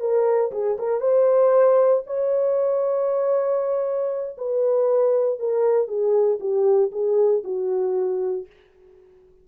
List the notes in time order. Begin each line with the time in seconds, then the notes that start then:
0.00 A#4
0.52 G#4
0.79 A#4
1.00 C5
2.06 C#5
4.38 B4
5.39 A#4
5.87 G#4
6.40 G4
6.92 G#4
7.44 F#4